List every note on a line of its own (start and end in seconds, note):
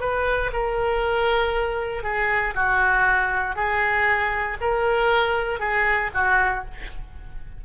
0.00 0.51 B4
0.53 2.03 A#4
2.03 2.54 G#4
2.55 3.56 F#4
3.56 4.58 G#4
4.61 5.60 A#4
5.60 6.11 G#4
6.14 6.65 F#4